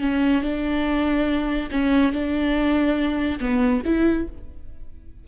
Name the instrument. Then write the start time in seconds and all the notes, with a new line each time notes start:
viola
0.00 C#4
0.42 D4
1.71 C#4
2.12 D4
3.40 B3
3.85 E4